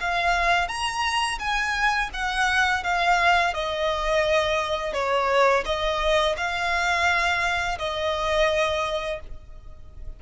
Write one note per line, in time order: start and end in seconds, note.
0.00 0.68 F5
0.68 1.38 A#5
1.39 2.10 G#5
2.13 2.83 F#5
2.83 3.53 F5
3.53 4.93 D#5
4.93 5.64 C#5
5.65 6.36 D#5
6.37 7.78 F5
7.78 9.20 D#5